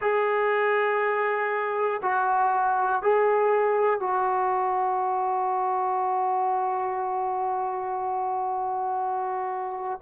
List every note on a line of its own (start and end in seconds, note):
0.00 2.00 G#4
2.02 3.02 F#4
3.02 4.00 G#4
4.00 10.00 F#4